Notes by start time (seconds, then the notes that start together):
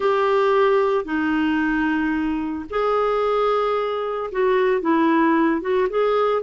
0.00 G4
1.04 D#4
2.69 G#4
4.31 F#4
4.81 E4
5.61 F#4
5.89 G#4